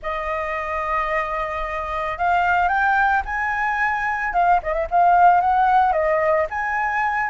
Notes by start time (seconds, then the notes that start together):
0.02 D#5
2.18 F5
2.68 G5
3.25 G#5
4.33 F5
4.62 D#5
4.73 E5
4.90 F5
5.41 F#5
5.92 D#5
6.50 G#5